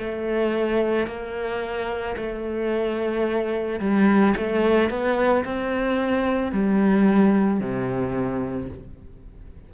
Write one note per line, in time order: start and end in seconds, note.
0.00 1.07 A3
1.07 2.16 A#3
2.17 3.80 A3
3.80 4.34 G3
4.37 4.90 A3
4.90 5.45 B3
5.45 6.53 C4
6.53 7.61 G3
7.61 8.70 C3